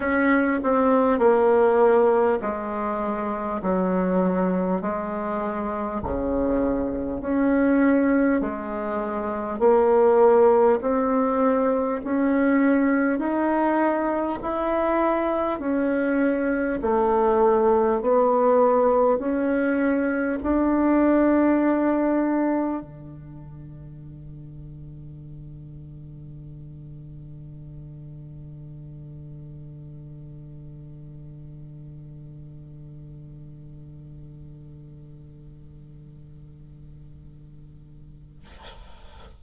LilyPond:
\new Staff \with { instrumentName = "bassoon" } { \time 4/4 \tempo 4 = 50 cis'8 c'8 ais4 gis4 fis4 | gis4 cis4 cis'4 gis4 | ais4 c'4 cis'4 dis'4 | e'4 cis'4 a4 b4 |
cis'4 d'2 d4~ | d1~ | d1~ | d1 | }